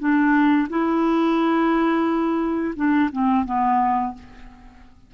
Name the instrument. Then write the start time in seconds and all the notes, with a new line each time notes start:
clarinet
0.00 D4
0.70 E4
2.76 D4
3.13 C4
3.46 B3